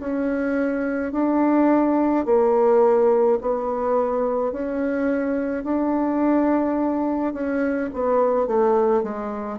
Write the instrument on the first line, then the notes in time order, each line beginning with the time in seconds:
bassoon
0.00 C#4
1.13 D4
2.25 A#3
3.41 B3
4.52 C#4
5.64 D4
7.34 C#4
7.93 B3
8.48 A3
9.03 G#3